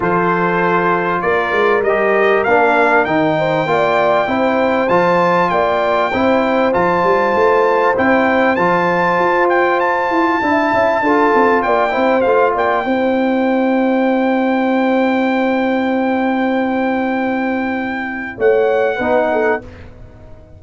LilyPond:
<<
  \new Staff \with { instrumentName = "trumpet" } { \time 4/4 \tempo 4 = 98 c''2 d''4 dis''4 | f''4 g''2. | a''4 g''2 a''4~ | a''4 g''4 a''4. g''8 |
a''2. g''4 | f''8 g''2.~ g''8~ | g''1~ | g''2 fis''2 | }
  \new Staff \with { instrumentName = "horn" } { \time 4/4 a'2 ais'2~ | ais'4. c''8 d''4 c''4~ | c''4 d''4 c''2~ | c''1~ |
c''4 e''4 a'4 d''8 c''8~ | c''8 d''8 c''2.~ | c''1~ | c''2 cis''4 b'8 a'8 | }
  \new Staff \with { instrumentName = "trombone" } { \time 4/4 f'2. g'4 | d'4 dis'4 f'4 e'4 | f'2 e'4 f'4~ | f'4 e'4 f'2~ |
f'4 e'4 f'4. e'8 | f'4 e'2.~ | e'1~ | e'2. dis'4 | }
  \new Staff \with { instrumentName = "tuba" } { \time 4/4 f2 ais8 gis8 g4 | ais4 dis4 ais4 c'4 | f4 ais4 c'4 f8 g8 | a4 c'4 f4 f'4~ |
f'8 e'8 d'8 cis'8 d'8 c'8 ais8 c'8 | a8 ais8 c'2.~ | c'1~ | c'2 a4 b4 | }
>>